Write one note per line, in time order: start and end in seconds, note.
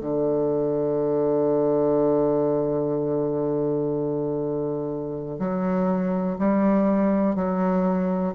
0.00 5.39 D3
5.39 6.37 F#3
6.38 7.35 G3
7.35 8.33 F#3